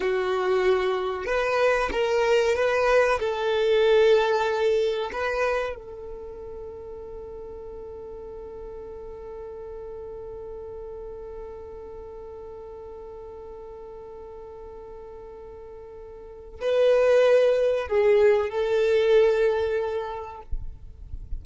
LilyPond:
\new Staff \with { instrumentName = "violin" } { \time 4/4 \tempo 4 = 94 fis'2 b'4 ais'4 | b'4 a'2. | b'4 a'2.~ | a'1~ |
a'1~ | a'1~ | a'2 b'2 | gis'4 a'2. | }